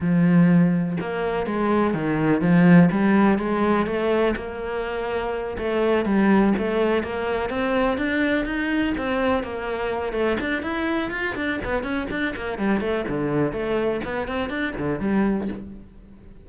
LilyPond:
\new Staff \with { instrumentName = "cello" } { \time 4/4 \tempo 4 = 124 f2 ais4 gis4 | dis4 f4 g4 gis4 | a4 ais2~ ais8 a8~ | a8 g4 a4 ais4 c'8~ |
c'8 d'4 dis'4 c'4 ais8~ | ais4 a8 d'8 e'4 f'8 d'8 | b8 cis'8 d'8 ais8 g8 a8 d4 | a4 b8 c'8 d'8 d8 g4 | }